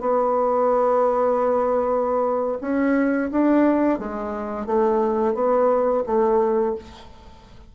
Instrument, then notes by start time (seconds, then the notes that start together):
bassoon
0.00 B3
2.61 C#4
3.31 D4
3.99 G#3
4.66 A3
5.34 B3
6.06 A3